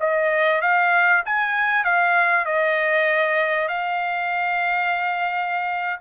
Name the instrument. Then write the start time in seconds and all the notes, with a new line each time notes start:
trumpet
0.00 D#5
0.61 F5
1.25 G#5
1.84 F5
2.45 D#5
3.68 F5